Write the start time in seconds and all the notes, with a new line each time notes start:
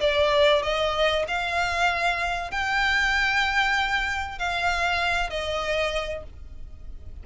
0.00 D5
0.63 D#5
1.28 F5
2.51 G5
4.39 F5
5.30 D#5